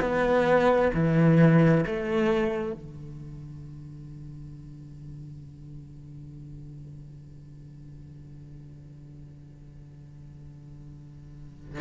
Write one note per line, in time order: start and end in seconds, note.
0.00 0.91 B3
0.94 1.85 E3
1.86 2.72 A3
2.72 11.80 D3